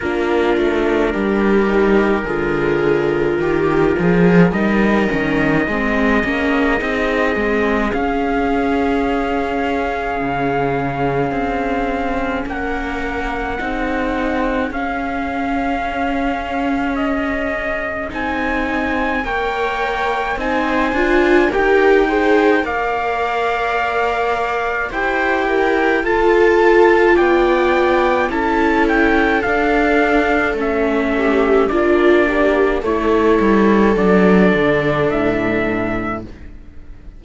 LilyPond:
<<
  \new Staff \with { instrumentName = "trumpet" } { \time 4/4 \tempo 4 = 53 ais'1 | dis''2. f''4~ | f''2. fis''4~ | fis''4 f''2 dis''4 |
gis''4 g''4 gis''4 g''4 | f''2 g''4 a''4 | g''4 a''8 g''8 f''4 e''4 | d''4 cis''4 d''4 e''4 | }
  \new Staff \with { instrumentName = "viola" } { \time 4/4 f'4 g'4 gis'4 g'8 gis'8 | ais'4 gis'2.~ | gis'2. ais'4 | gis'1~ |
gis'4 cis''4 c''4 ais'8 c''8 | d''2 c''8 ais'8 a'4 | d''4 a'2~ a'8 g'8 | f'8 g'8 a'2. | }
  \new Staff \with { instrumentName = "viola" } { \time 4/4 d'4. dis'8 f'2 | dis'8 cis'8 c'8 cis'8 dis'8 c'8 cis'4~ | cis'1 | dis'4 cis'2. |
dis'4 ais'4 dis'8 f'8 g'8 gis'8 | ais'2 g'4 f'4~ | f'4 e'4 d'4 cis'4 | d'4 e'4 d'2 | }
  \new Staff \with { instrumentName = "cello" } { \time 4/4 ais8 a8 g4 d4 dis8 f8 | g8 dis8 gis8 ais8 c'8 gis8 cis'4~ | cis'4 cis4 c'4 ais4 | c'4 cis'2. |
c'4 ais4 c'8 d'8 dis'4 | ais2 e'4 f'4 | b4 cis'4 d'4 a4 | ais4 a8 g8 fis8 d8 a,4 | }
>>